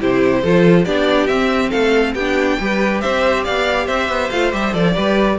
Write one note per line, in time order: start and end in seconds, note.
0.00 0.44 C3
0.00 0.43 E4
0.00 0.44 G4
0.00 0.85 C5
0.44 0.86 F3
0.44 0.87 F4
0.44 0.86 A4
0.85 1.29 B3
0.85 1.30 D4
0.85 1.70 G4
0.85 1.27 D5
1.27 1.72 C4
1.27 2.17 C4
1.27 1.71 E5
1.70 2.15 A3
1.70 2.14 A4
1.70 2.14 F5
2.15 2.58 B3
2.15 2.61 D4
2.15 2.58 G4
2.15 3.01 G5
2.61 3.04 G3
2.61 4.33 G4
2.61 3.02 B4
3.01 3.48 C4
3.01 3.45 C5
3.01 3.44 E5
3.45 3.89 B3
3.45 3.86 D5
3.45 3.88 F5
3.86 4.09 C4
3.86 4.94 C5
3.86 4.31 E5
4.09 4.31 B3
4.31 4.54 A3
4.31 4.52 F4
4.31 4.52 F5
4.52 4.75 G3
4.52 4.73 G4
4.52 4.74 E5
4.73 4.96 F3
4.73 4.95 A4
4.73 5.39 D5
4.95 5.39 G3
4.95 5.39 G4
4.95 5.38 B4